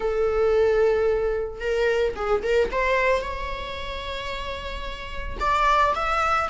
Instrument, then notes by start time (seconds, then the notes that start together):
viola
0.00 A4
1.60 A#4
2.15 G#4
2.42 A#4
2.71 C5
3.21 C#5
5.40 D5
5.95 E5